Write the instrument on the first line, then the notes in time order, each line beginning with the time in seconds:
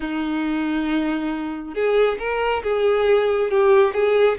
violin
0.00 D#4
1.74 G#4
2.18 A#4
2.63 G#4
3.50 G4
3.94 G#4